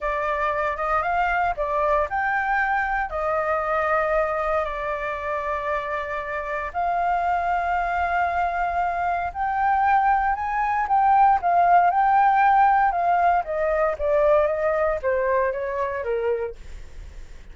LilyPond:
\new Staff \with { instrumentName = "flute" } { \time 4/4 \tempo 4 = 116 d''4. dis''8 f''4 d''4 | g''2 dis''2~ | dis''4 d''2.~ | d''4 f''2.~ |
f''2 g''2 | gis''4 g''4 f''4 g''4~ | g''4 f''4 dis''4 d''4 | dis''4 c''4 cis''4 ais'4 | }